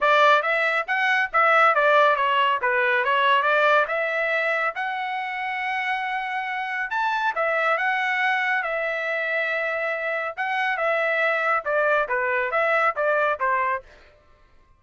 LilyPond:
\new Staff \with { instrumentName = "trumpet" } { \time 4/4 \tempo 4 = 139 d''4 e''4 fis''4 e''4 | d''4 cis''4 b'4 cis''4 | d''4 e''2 fis''4~ | fis''1 |
a''4 e''4 fis''2 | e''1 | fis''4 e''2 d''4 | b'4 e''4 d''4 c''4 | }